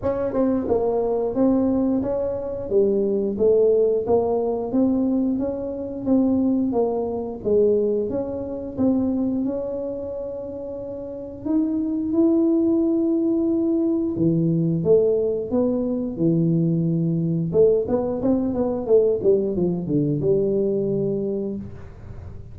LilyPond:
\new Staff \with { instrumentName = "tuba" } { \time 4/4 \tempo 4 = 89 cis'8 c'8 ais4 c'4 cis'4 | g4 a4 ais4 c'4 | cis'4 c'4 ais4 gis4 | cis'4 c'4 cis'2~ |
cis'4 dis'4 e'2~ | e'4 e4 a4 b4 | e2 a8 b8 c'8 b8 | a8 g8 f8 d8 g2 | }